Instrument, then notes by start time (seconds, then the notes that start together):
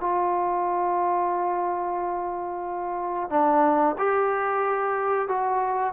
trombone
0.00 F4
3.30 D4
3.98 G4
5.28 F#4